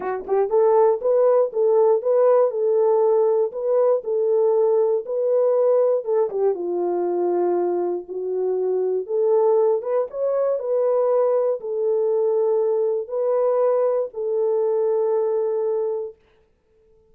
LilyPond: \new Staff \with { instrumentName = "horn" } { \time 4/4 \tempo 4 = 119 fis'8 g'8 a'4 b'4 a'4 | b'4 a'2 b'4 | a'2 b'2 | a'8 g'8 f'2. |
fis'2 a'4. b'8 | cis''4 b'2 a'4~ | a'2 b'2 | a'1 | }